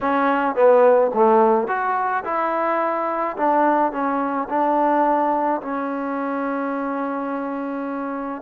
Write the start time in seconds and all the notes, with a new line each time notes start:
0.01 C#4
0.55 B3
1.14 A3
1.67 F#4
2.24 E4
3.36 D4
3.92 C#4
4.49 D4
5.61 C#4